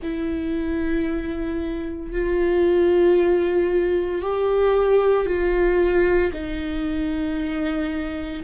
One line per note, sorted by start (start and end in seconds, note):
0.02 2.11 E4
2.11 4.22 F4
4.22 5.26 G4
5.26 6.32 F4
6.33 8.43 D#4